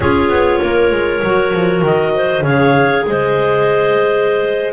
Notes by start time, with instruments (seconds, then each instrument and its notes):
0.00 double bass C#4, clarinet F4 G#4 C#5
0.28 double bass B3
0.61 double bass A#3, clarinet A#4
0.91 double bass G#3
1.23 double bass F#3, clarinet F#4
1.53 double bass F3
1.81 double bass D#3, clarinet D#5
2.14 clarinet C5
2.41 double bass C#3, clarinet G#4 C#5 F5
3.06 double bass G#3, clarinet C5 D#5